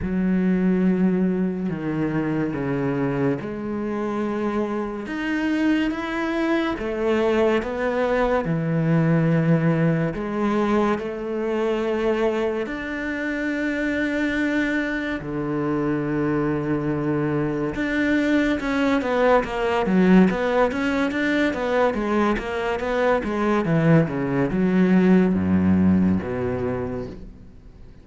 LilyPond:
\new Staff \with { instrumentName = "cello" } { \time 4/4 \tempo 4 = 71 fis2 dis4 cis4 | gis2 dis'4 e'4 | a4 b4 e2 | gis4 a2 d'4~ |
d'2 d2~ | d4 d'4 cis'8 b8 ais8 fis8 | b8 cis'8 d'8 b8 gis8 ais8 b8 gis8 | e8 cis8 fis4 fis,4 b,4 | }